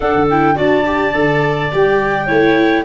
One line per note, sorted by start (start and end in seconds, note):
0.00 0.29 D4
0.00 0.14 D4
0.00 0.55 A4
0.00 0.26 F#5
0.14 0.57 D3
0.29 0.55 E4
0.29 0.58 G5
0.55 1.14 D4
0.55 0.84 F#4
0.55 2.25 D5
0.55 1.74 A5
0.85 1.13 G4
1.13 1.71 D3
1.13 1.70 A4
1.72 2.29 G3
1.72 2.27 G4
1.72 2.85 G5
2.25 2.85 A3
2.25 2.84 E4
2.25 2.83 C#5